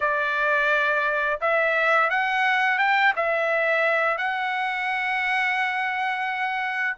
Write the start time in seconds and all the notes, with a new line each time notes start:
0.00 D5
1.40 E5
2.10 F#5
2.78 G5
3.16 E5
4.17 F#5